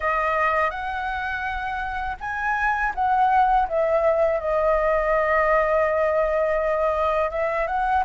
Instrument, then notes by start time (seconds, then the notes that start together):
flute
0.00 D#5
0.70 F#5
2.20 G#5
2.94 F#5
3.68 E5
4.40 D#5
7.30 E5
7.67 F#5